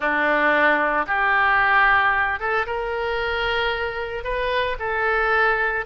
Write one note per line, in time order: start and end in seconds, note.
0.00 1.05 D4
1.06 2.39 G4
2.39 2.65 A4
2.66 4.23 A#4
4.23 4.76 B4
4.79 5.85 A4